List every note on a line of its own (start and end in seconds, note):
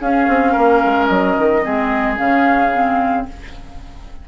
0.00 0.27 C#4
0.00 1.63 C#4
0.00 0.52 G#4
0.00 1.06 F5
0.28 0.55 C4
0.52 0.84 A#3
0.52 1.60 A#4
0.85 1.09 G#3
1.06 1.36 F#3
1.06 2.14 D#5
1.38 1.65 D#3
1.63 2.19 G#3
1.63 2.16 C4
1.63 3.26 G#4
2.16 3.27 C#3
2.16 2.70 C#4
2.16 3.26 F5
2.74 3.28 C4